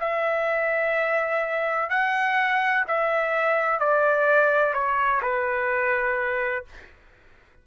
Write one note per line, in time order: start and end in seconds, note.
0.00 1.90 E5
1.90 2.85 F#5
2.87 3.79 E5
3.79 4.74 D5
4.74 5.21 C#5
5.22 6.65 B4